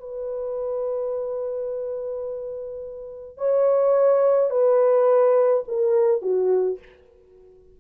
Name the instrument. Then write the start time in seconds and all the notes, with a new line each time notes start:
horn
0.00 B4
3.38 C#5
4.51 B4
5.68 A#4
6.22 F#4